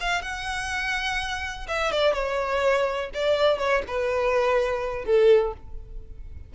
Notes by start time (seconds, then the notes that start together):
0.00 F5
0.22 F#5
1.67 E5
1.92 D5
2.13 C#5
3.14 D5
3.58 C#5
3.87 B4
5.05 A4